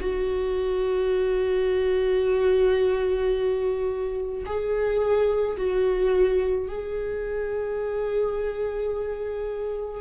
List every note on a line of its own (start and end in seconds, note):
0.00 4.44 F#4
4.46 5.57 G#4
5.57 6.68 F#4
6.69 10.01 G#4